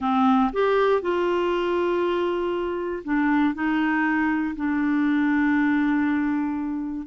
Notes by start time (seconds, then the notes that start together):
0.00 C4
0.52 G4
1.01 F4
3.04 D4
3.54 D#4
4.56 D4